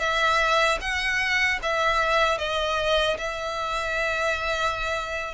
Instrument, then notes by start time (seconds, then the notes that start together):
violin
0.00 E5
0.81 F#5
1.63 E5
2.39 D#5
3.18 E5